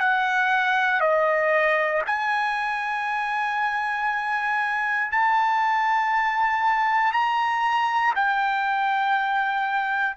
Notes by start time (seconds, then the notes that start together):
0.00 F#5
1.00 D#5
2.07 G#5
5.11 A5
7.12 A#5
8.15 G5